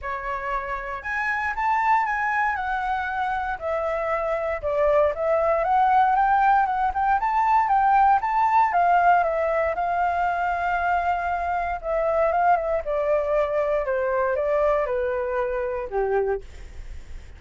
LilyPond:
\new Staff \with { instrumentName = "flute" } { \time 4/4 \tempo 4 = 117 cis''2 gis''4 a''4 | gis''4 fis''2 e''4~ | e''4 d''4 e''4 fis''4 | g''4 fis''8 g''8 a''4 g''4 |
a''4 f''4 e''4 f''4~ | f''2. e''4 | f''8 e''8 d''2 c''4 | d''4 b'2 g'4 | }